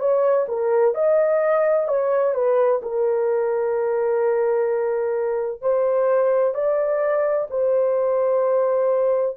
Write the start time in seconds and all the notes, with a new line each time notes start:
0.00 C#5
0.49 A#4
0.95 D#5
1.88 C#5
2.35 B4
2.83 A#4
5.62 C5
6.55 D5
7.50 C5